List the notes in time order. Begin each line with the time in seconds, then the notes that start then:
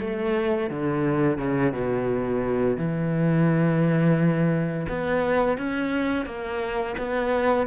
0.00 A3
0.70 D3
1.38 C#3
1.73 B2
2.77 E3
4.88 B3
5.58 C#4
6.25 A#3
6.98 B3